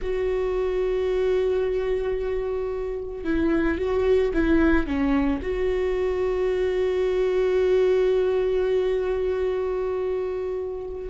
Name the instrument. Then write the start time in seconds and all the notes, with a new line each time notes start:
viola
0.01 F#4
3.24 E4
3.77 F#4
4.33 E4
4.86 C#4
5.42 F#4